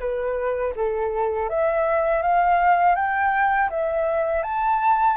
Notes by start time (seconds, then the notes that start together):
0.00 B4
0.76 A4
1.49 E5
2.22 F5
2.96 G5
3.70 E5
4.43 A5